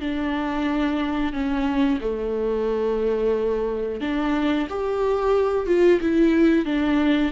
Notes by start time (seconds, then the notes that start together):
0.00 D4
1.32 C#4
2.01 A3
4.01 D4
4.69 G4
5.66 F4
6.01 E4
6.65 D4